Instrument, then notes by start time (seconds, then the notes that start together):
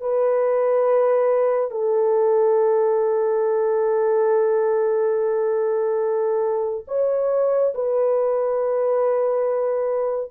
horn
0.00 B4
1.71 A4
6.87 C#5
7.74 B4